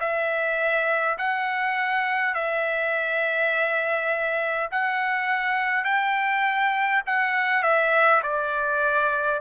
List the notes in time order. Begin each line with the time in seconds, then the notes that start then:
0.00 E5
1.18 F#5
2.35 E5
4.71 F#5
5.84 G5
7.06 F#5
7.63 E5
8.23 D5